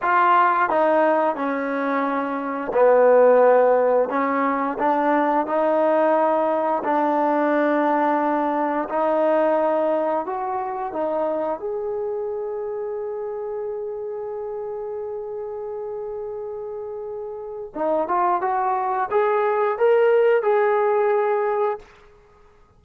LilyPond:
\new Staff \with { instrumentName = "trombone" } { \time 4/4 \tempo 4 = 88 f'4 dis'4 cis'2 | b2 cis'4 d'4 | dis'2 d'2~ | d'4 dis'2 fis'4 |
dis'4 gis'2.~ | gis'1~ | gis'2 dis'8 f'8 fis'4 | gis'4 ais'4 gis'2 | }